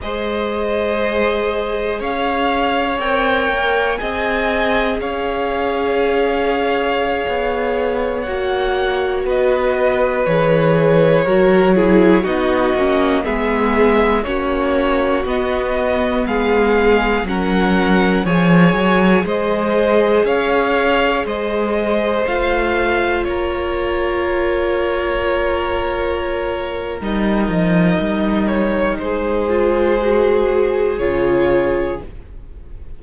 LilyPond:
<<
  \new Staff \with { instrumentName = "violin" } { \time 4/4 \tempo 4 = 60 dis''2 f''4 g''4 | gis''4 f''2.~ | f''16 fis''4 dis''4 cis''4.~ cis''16~ | cis''16 dis''4 e''4 cis''4 dis''8.~ |
dis''16 f''4 fis''4 gis''4 dis''8.~ | dis''16 f''4 dis''4 f''4 cis''8.~ | cis''2. dis''4~ | dis''8 cis''8 c''2 cis''4 | }
  \new Staff \with { instrumentName = "violin" } { \time 4/4 c''2 cis''2 | dis''4 cis''2.~ | cis''4~ cis''16 b'2 ais'8 gis'16~ | gis'16 fis'4 gis'4 fis'4.~ fis'16~ |
fis'16 gis'4 ais'4 cis''4 c''8.~ | c''16 cis''4 c''2 ais'8.~ | ais'1~ | ais'4 gis'2. | }
  \new Staff \with { instrumentName = "viola" } { \time 4/4 gis'2. ais'4 | gis'1~ | gis'16 fis'2 gis'4 fis'8 e'16~ | e'16 dis'8 cis'8 b4 cis'4 b8.~ |
b4~ b16 cis'4 gis'4.~ gis'16~ | gis'2~ gis'16 f'4.~ f'16~ | f'2. dis'4~ | dis'4. f'8 fis'4 f'4 | }
  \new Staff \with { instrumentName = "cello" } { \time 4/4 gis2 cis'4 c'8 ais8 | c'4 cis'2~ cis'16 b8.~ | b16 ais4 b4 e4 fis8.~ | fis16 b8 ais8 gis4 ais4 b8.~ |
b16 gis4 fis4 f8 fis8 gis8.~ | gis16 cis'4 gis4 a4 ais8.~ | ais2. g8 f8 | g4 gis2 cis4 | }
>>